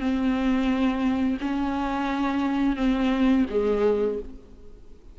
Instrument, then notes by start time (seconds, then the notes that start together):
viola
0.00 C4
1.41 C#4
2.77 C4
3.50 G#3